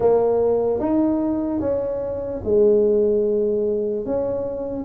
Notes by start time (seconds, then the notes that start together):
0.00 A#3
0.79 D#4
1.60 C#4
2.44 G#3
4.05 C#4